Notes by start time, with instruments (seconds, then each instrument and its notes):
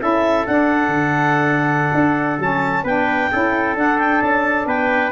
0.00 tuba C#4, saxophone E4, trumpet A4, clarinet E5
0.46 tuba D4, saxophone D4, clarinet F#5
0.87 tuba D3
1.94 tuba D4
2.39 tuba F#3, saxophone C#4, clarinet A5
2.84 tuba B3, saxophone D4, trumpet B4, clarinet G5
3.31 tuba C#4, saxophone E4, trumpet A4
3.76 tuba D4, saxophone D4, clarinet F#5
3.98 clarinet G5
4.21 tuba C#4, clarinet A5
4.66 tuba B3, trumpet B4, clarinet G5